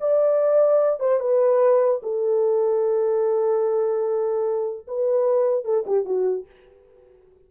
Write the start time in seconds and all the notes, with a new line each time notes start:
0.00 D5
1.00 C5
1.20 B4
2.03 A4
4.87 B4
5.65 A4
5.87 G4
6.05 F#4